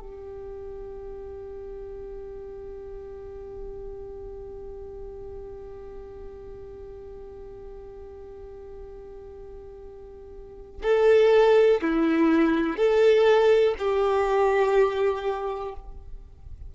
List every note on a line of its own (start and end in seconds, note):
0.00 10.82 G4
10.83 11.81 A4
11.81 12.76 E4
12.76 13.75 A4
13.78 15.75 G4